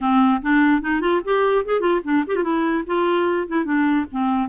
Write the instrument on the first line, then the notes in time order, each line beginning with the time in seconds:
clarinet
0.00 C4
0.41 D4
0.81 D#4
1.01 F4
1.24 G4
1.65 G#4
1.80 F4
2.04 D4
2.27 G4
2.35 F4
2.43 E4
2.86 F4
3.47 E4
3.64 D4
4.11 C4